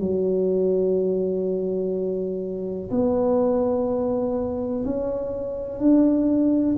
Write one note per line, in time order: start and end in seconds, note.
0.00 2.90 F#3
2.91 4.84 B3
4.85 5.79 C#4
5.79 6.76 D4